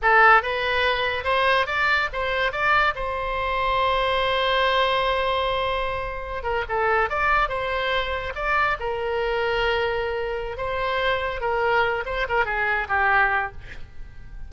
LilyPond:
\new Staff \with { instrumentName = "oboe" } { \time 4/4 \tempo 4 = 142 a'4 b'2 c''4 | d''4 c''4 d''4 c''4~ | c''1~ | c''2.~ c''16 ais'8 a'16~ |
a'8. d''4 c''2 d''16~ | d''8. ais'2.~ ais'16~ | ais'4 c''2 ais'4~ | ais'8 c''8 ais'8 gis'4 g'4. | }